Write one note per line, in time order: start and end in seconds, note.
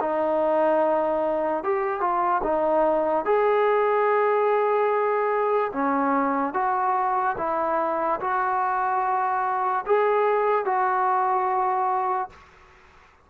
0.00 1.63 D#4
1.63 2.00 G4
2.00 2.41 F4
2.43 3.25 D#4
3.25 5.71 G#4
5.73 6.53 C#4
6.53 7.36 F#4
7.37 8.20 E4
8.20 9.84 F#4
9.86 10.65 G#4
10.65 12.29 F#4